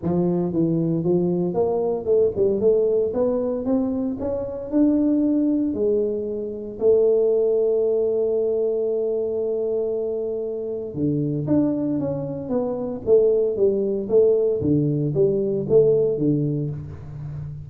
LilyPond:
\new Staff \with { instrumentName = "tuba" } { \time 4/4 \tempo 4 = 115 f4 e4 f4 ais4 | a8 g8 a4 b4 c'4 | cis'4 d'2 gis4~ | gis4 a2.~ |
a1~ | a4 d4 d'4 cis'4 | b4 a4 g4 a4 | d4 g4 a4 d4 | }